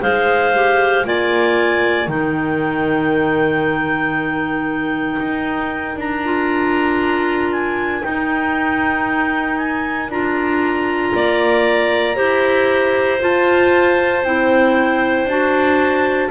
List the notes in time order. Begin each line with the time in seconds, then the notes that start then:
0.00 G#3 G#4 C5 F5
0.54 G4
1.04 A#3 F4 D5 G#5
2.07 D#3 D#4 A#4 G5
5.20 D#4
5.96 D4 A#5
6.24 F4
7.53 G#5
8.02 D#4 G5
9.58 G#5
10.10 D4 F4 A#5
11.15 A#3 D5
12.15 E4 G4 C5
13.20 F4 A5
14.23 C4 E4 G5
15.26 D4 F#4 A5